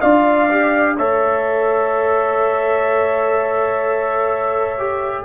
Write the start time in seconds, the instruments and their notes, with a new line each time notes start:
0.00 tuba D4, trombone F4, horn D5, trumpet F5
0.49 trombone G4
0.96 tuba A3, trombone A4, horn C#5, trumpet E5
4.78 trombone G4